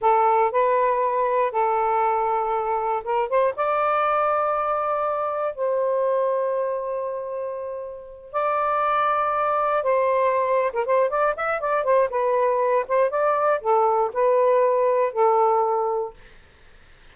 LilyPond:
\new Staff \with { instrumentName = "saxophone" } { \time 4/4 \tempo 4 = 119 a'4 b'2 a'4~ | a'2 ais'8 c''8 d''4~ | d''2. c''4~ | c''1~ |
c''8 d''2. c''8~ | c''4~ c''16 ais'16 c''8 d''8 e''8 d''8 c''8 | b'4. c''8 d''4 a'4 | b'2 a'2 | }